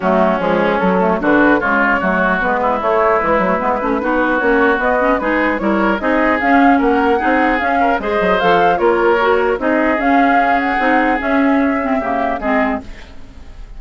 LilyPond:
<<
  \new Staff \with { instrumentName = "flute" } { \time 4/4 \tempo 4 = 150 fis'4 gis'4 a'4 b'4 | cis''2 b'4 cis''4 | b'2. cis''4 | dis''4 b'4 cis''4 dis''4 |
f''4 fis''2 f''4 | dis''4 f''4 cis''2 | dis''4 f''4. fis''4. | e''2. dis''4 | }
  \new Staff \with { instrumentName = "oboe" } { \time 4/4 cis'2. fis'4 | f'4 fis'4. e'4.~ | e'2 fis'2~ | fis'4 gis'4 ais'4 gis'4~ |
gis'4 ais'4 gis'4. ais'8 | c''2 ais'2 | gis'1~ | gis'2 g'4 gis'4 | }
  \new Staff \with { instrumentName = "clarinet" } { \time 4/4 a4 gis4 fis8 a8 d'4 | gis4 a4 b4 a4 | gis8 a8 b8 cis'8 dis'4 cis'4 | b8 cis'8 dis'4 e'4 dis'4 |
cis'2 dis'4 cis'4 | gis'4 a'4 f'4 fis'4 | dis'4 cis'2 dis'4 | cis'4. c'8 ais4 c'4 | }
  \new Staff \with { instrumentName = "bassoon" } { \time 4/4 fis4 f4 fis4 d4 | cis4 fis4 gis4 a4 | e8 fis8 gis8 a8 b4 ais4 | b4 gis4 g4 c'4 |
cis'4 ais4 c'4 cis'4 | gis8 fis8 f4 ais2 | c'4 cis'2 c'4 | cis'2 cis4 gis4 | }
>>